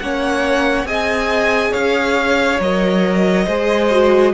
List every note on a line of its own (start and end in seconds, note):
0.00 0.85 A#3
0.00 0.86 C#4
0.00 0.88 C#5
0.00 0.87 F#5
0.85 1.72 C4
0.85 2.60 G#4
0.85 1.72 D#5
0.85 1.73 G#5
1.72 2.60 C#4
1.72 3.46 C#5
1.72 2.60 F5
2.60 3.47 F#3
2.60 3.48 A#4
2.60 4.34 D#5
3.46 4.34 G#3
3.46 3.91 G#4
3.46 4.33 C5
3.91 4.34 F#4